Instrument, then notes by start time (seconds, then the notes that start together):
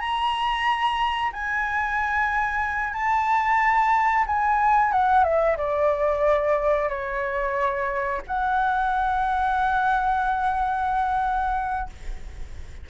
flute
0.00 A#5
1.33 G#5
2.94 A5
4.27 G#5
4.92 F#5
5.24 E5
5.57 D5
6.89 C#5
8.27 F#5